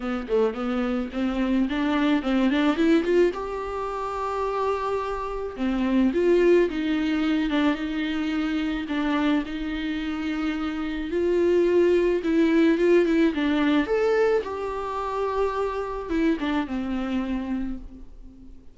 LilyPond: \new Staff \with { instrumentName = "viola" } { \time 4/4 \tempo 4 = 108 b8 a8 b4 c'4 d'4 | c'8 d'8 e'8 f'8 g'2~ | g'2 c'4 f'4 | dis'4. d'8 dis'2 |
d'4 dis'2. | f'2 e'4 f'8 e'8 | d'4 a'4 g'2~ | g'4 e'8 d'8 c'2 | }